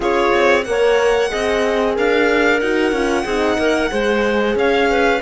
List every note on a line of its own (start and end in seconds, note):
0.00 0.32 C#4
0.00 0.63 F4
0.00 0.65 G#4
0.00 0.64 C#5
0.34 0.66 C4
0.64 1.31 A#3
0.64 1.29 A#4
0.64 1.94 F#5
0.70 1.31 C#5
1.29 1.98 C4
1.29 2.60 G#4
1.29 1.95 D#5
1.95 2.61 D4
1.95 3.24 A#4
1.95 2.60 F5
2.60 2.92 D#4
2.60 2.94 F#4
2.60 4.55 F#5
2.92 3.24 C#4
2.92 3.26 F4
3.24 3.57 C4
3.24 3.89 D#4
3.24 3.56 G#4
3.58 3.90 A#3
3.58 3.90 A#4
3.89 4.55 G#3
3.89 5.20 G#4
3.89 4.56 C5
4.55 5.20 C#4
4.55 4.89 C#5
4.55 5.21 F5
4.89 5.21 B4